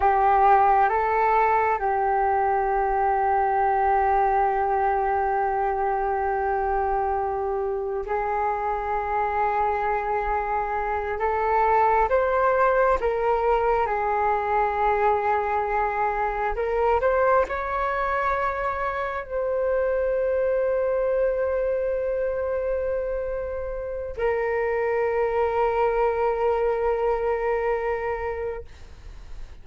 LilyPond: \new Staff \with { instrumentName = "flute" } { \time 4/4 \tempo 4 = 67 g'4 a'4 g'2~ | g'1~ | g'4 gis'2.~ | gis'8 a'4 c''4 ais'4 gis'8~ |
gis'2~ gis'8 ais'8 c''8 cis''8~ | cis''4. c''2~ c''8~ | c''2. ais'4~ | ais'1 | }